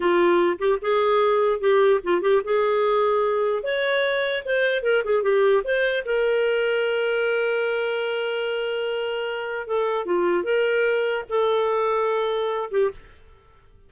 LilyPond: \new Staff \with { instrumentName = "clarinet" } { \time 4/4 \tempo 4 = 149 f'4. g'8 gis'2 | g'4 f'8 g'8 gis'2~ | gis'4 cis''2 c''4 | ais'8 gis'8 g'4 c''4 ais'4~ |
ais'1~ | ais'1 | a'4 f'4 ais'2 | a'2.~ a'8 g'8 | }